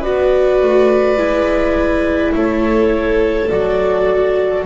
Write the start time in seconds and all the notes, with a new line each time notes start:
0.00 B3 F#4 B4 D5
0.61 A3
1.17 G#3 E4
2.34 A3 A4 C#5
3.49 F#3 F#4 D5